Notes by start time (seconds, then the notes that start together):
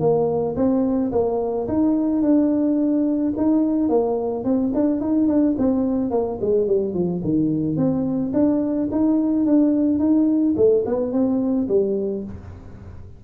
0.00 A#3
0.56 C4
1.12 A#3
1.68 D#4
2.22 D4
3.37 D#4
3.89 A#3
4.44 C4
4.74 D4
5.01 D#4
5.28 D4
5.58 C4
6.11 A#3
6.41 G#3
6.67 G3
6.94 F3
7.24 D#3
7.77 C4
8.34 D4
8.92 D#4
9.46 D4
9.99 D#4
10.57 A3
10.86 B3
11.12 C4
11.68 G3